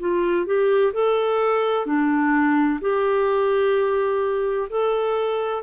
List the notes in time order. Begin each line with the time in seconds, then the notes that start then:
0.00 F4
0.46 G4
0.94 A4
1.87 D4
2.82 G4
4.70 A4